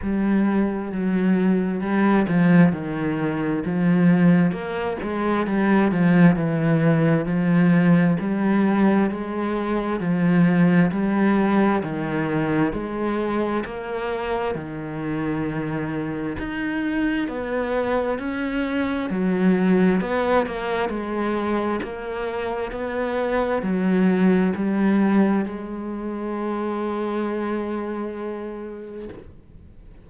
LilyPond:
\new Staff \with { instrumentName = "cello" } { \time 4/4 \tempo 4 = 66 g4 fis4 g8 f8 dis4 | f4 ais8 gis8 g8 f8 e4 | f4 g4 gis4 f4 | g4 dis4 gis4 ais4 |
dis2 dis'4 b4 | cis'4 fis4 b8 ais8 gis4 | ais4 b4 fis4 g4 | gis1 | }